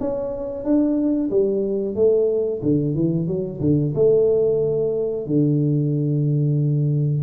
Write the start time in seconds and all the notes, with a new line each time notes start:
0.00 C#4
0.64 D4
1.31 G3
1.95 A3
2.63 D3
2.95 E3
3.27 F#3
3.61 D3
3.95 A3
5.27 D3